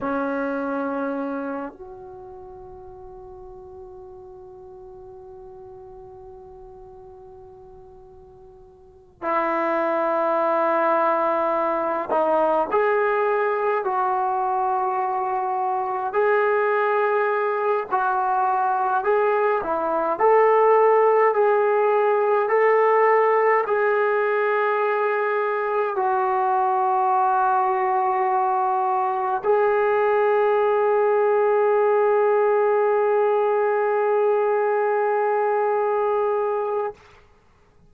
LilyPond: \new Staff \with { instrumentName = "trombone" } { \time 4/4 \tempo 4 = 52 cis'4. fis'2~ fis'8~ | fis'1 | e'2~ e'8 dis'8 gis'4 | fis'2 gis'4. fis'8~ |
fis'8 gis'8 e'8 a'4 gis'4 a'8~ | a'8 gis'2 fis'4.~ | fis'4. gis'2~ gis'8~ | gis'1 | }